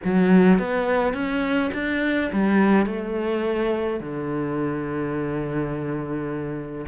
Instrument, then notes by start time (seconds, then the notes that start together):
cello
0.04 F#3
0.58 B3
1.13 C#4
1.73 D4
2.32 G3
2.86 A3
3.99 D3